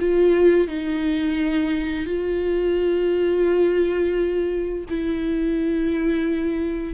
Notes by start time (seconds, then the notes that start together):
0.00 F4
0.68 D#4
2.06 F4
4.90 E4